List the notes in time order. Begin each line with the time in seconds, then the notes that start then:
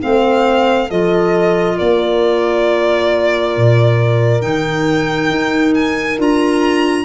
0.00 A3 C4 C5 F5
0.88 F3 F4 A4 D#5
1.77 A#3 A#4 D5
3.56 A#2
4.41 D#3 D#4 G5
5.30 D#4
5.74 G#5
6.18 D4 F4 A#5